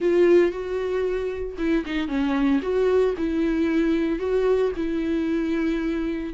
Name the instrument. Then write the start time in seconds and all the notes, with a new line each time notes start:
viola
0.00 F4
0.51 F#4
1.58 E4
1.85 D#4
2.08 C#4
2.61 F#4
3.17 E4
4.19 F#4
4.76 E4